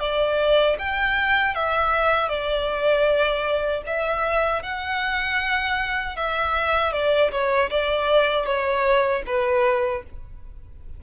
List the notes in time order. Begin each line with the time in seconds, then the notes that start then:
0.00 D5
0.79 G5
1.55 E5
2.29 D5
3.86 E5
4.63 F#5
6.16 E5
6.93 D5
7.31 C#5
7.70 D5
8.46 C#5
9.26 B4